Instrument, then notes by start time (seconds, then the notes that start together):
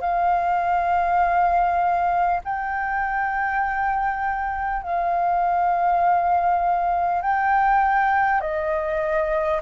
flute
0.00 F5
2.44 G5
4.82 F5
7.22 G5
8.41 D#5